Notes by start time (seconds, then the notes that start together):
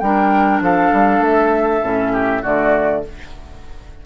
0.00 G3 D4 A#4 G5
0.61 F3 A4 F5
0.93 G3
1.20 A3 E5
1.83 A2 C#4
2.13 G4
2.42 D3 A3 F#4 D5